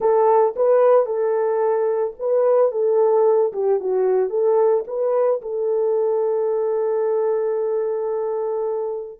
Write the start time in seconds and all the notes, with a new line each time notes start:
0.00 A4
0.56 B4
1.06 A4
2.19 B4
2.71 A4
3.53 G4
3.80 F#4
4.29 A4
4.87 B4
5.41 A4